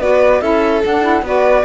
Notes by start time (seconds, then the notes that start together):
0.00 B3 F#4 B4 D5
0.41 C#4 E4 A4 E5
0.85 D4 F#5
1.03 E4
1.22 B3 F#4 B4 D5